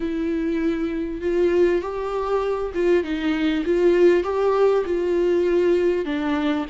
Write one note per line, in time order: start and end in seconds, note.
0.00 1.21 E4
1.21 1.81 F4
1.81 2.72 G4
2.74 3.03 F4
3.03 3.64 D#4
3.65 4.23 F4
4.23 4.84 G4
4.85 6.05 F4
6.05 6.65 D4